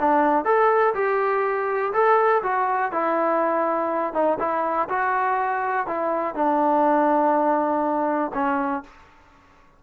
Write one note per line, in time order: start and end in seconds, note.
0.00 0.45 D4
0.45 0.94 A4
0.95 1.93 G4
1.94 2.43 A4
2.43 2.92 F#4
2.92 4.14 E4
4.14 4.39 D#4
4.39 4.89 E4
4.89 5.87 F#4
5.87 6.35 E4
6.35 8.32 D4
8.35 8.84 C#4